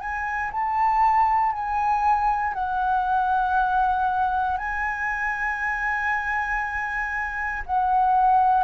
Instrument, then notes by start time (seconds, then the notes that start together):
flute
0.00 G#5
0.52 A5
1.52 G#5
2.54 F#5
4.58 G#5
7.66 F#5